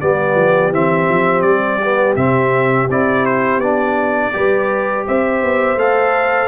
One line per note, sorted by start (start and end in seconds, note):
0.00 0.35 G3
0.00 0.73 B3
0.00 4.34 G4
0.00 0.72 D5
0.35 0.71 F3
0.71 1.07 E3
0.71 1.81 C4
0.71 1.41 E5
1.09 1.42 F3
1.41 2.15 G3
1.41 2.13 D5
1.82 2.17 B3
2.16 2.88 C3
2.16 2.89 C4
2.16 2.88 E5
2.89 3.57 C4
2.89 3.61 E4
2.89 3.25 D5
3.25 3.60 C5
3.57 4.30 B3
3.57 4.33 D4
3.57 5.04 D5
4.33 5.07 G3
4.33 5.77 G4
4.33 5.06 B4
5.06 5.42 C4
5.06 6.48 C5
5.06 5.78 E5
5.42 5.76 B3
5.76 6.48 A3
5.76 6.48 A4
5.76 6.48 F5